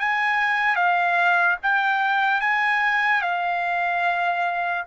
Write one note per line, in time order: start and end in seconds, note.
0.00 0.76 G#5
0.76 1.57 F5
1.63 2.41 G5
2.41 3.22 G#5
3.22 4.84 F5